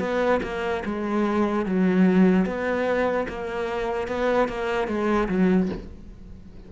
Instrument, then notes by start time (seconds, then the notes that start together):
cello
0.00 B3
0.43 A#3
0.86 G#3
1.66 F#3
2.46 B3
3.29 A#3
4.08 B3
4.49 A#3
4.88 G#3
5.29 F#3